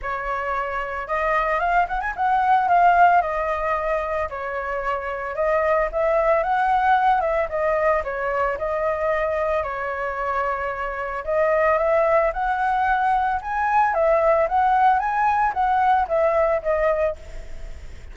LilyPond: \new Staff \with { instrumentName = "flute" } { \time 4/4 \tempo 4 = 112 cis''2 dis''4 f''8 fis''16 gis''16 | fis''4 f''4 dis''2 | cis''2 dis''4 e''4 | fis''4. e''8 dis''4 cis''4 |
dis''2 cis''2~ | cis''4 dis''4 e''4 fis''4~ | fis''4 gis''4 e''4 fis''4 | gis''4 fis''4 e''4 dis''4 | }